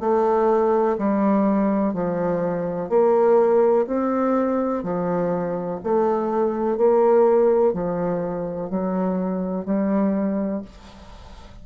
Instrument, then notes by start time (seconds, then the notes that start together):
bassoon
0.00 A3
0.98 G3
1.94 F3
2.89 A#3
3.87 C4
4.83 F3
5.84 A3
6.77 A#3
7.73 F3
8.70 F#3
9.65 G3